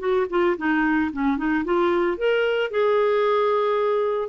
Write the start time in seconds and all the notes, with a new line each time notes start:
0.00 F#4
0.30 F4
0.58 D#4
1.13 C#4
1.38 D#4
1.65 F4
2.18 A#4
2.71 G#4